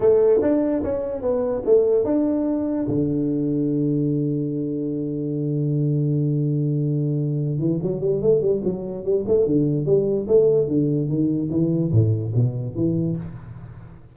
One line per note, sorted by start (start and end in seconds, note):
0.00 0.40 A3
0.41 0.83 D4
0.83 1.21 C#4
1.21 1.62 B3
1.65 2.04 A3
2.04 2.86 D4
2.87 7.58 D3
7.58 7.79 E3
7.82 8.00 F#3
8.00 8.21 G3
8.21 8.41 A3
8.41 8.61 G3
8.64 9.04 F#3
9.04 9.24 G3
9.27 9.46 A3
9.46 9.85 D3
9.85 10.26 G3
10.27 10.67 A3
10.67 11.08 D3
11.08 11.49 D#3
11.50 11.91 E3
11.91 12.32 A2
12.35 12.75 B2
12.75 13.16 E3